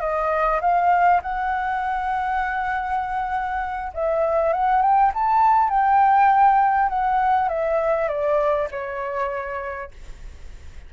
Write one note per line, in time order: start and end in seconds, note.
0.00 0.60 D#5
0.61 1.21 F5
1.22 3.92 F#5
3.94 4.53 E5
4.53 4.81 F#5
4.81 5.11 G5
5.14 5.69 A5
5.69 6.89 G5
6.89 7.48 F#5
7.48 8.08 E5
8.08 8.68 D5
8.71 9.91 C#5